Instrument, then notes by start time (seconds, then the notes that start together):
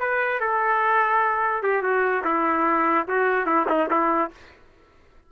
trumpet
0.00 B4
0.41 A4
1.63 G4
1.83 F#4
2.25 E4
3.08 F#4
3.46 E4
3.69 D#4
3.90 E4